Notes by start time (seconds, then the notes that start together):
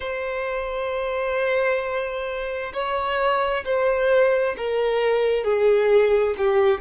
0.00 C5
2.73 C#5
3.64 C5
4.57 A#4
5.43 G#4
6.37 G4